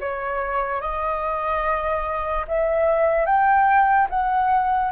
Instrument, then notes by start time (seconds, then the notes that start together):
flute
0.00 C#5
0.81 D#5
2.48 E5
3.25 G5
4.09 F#5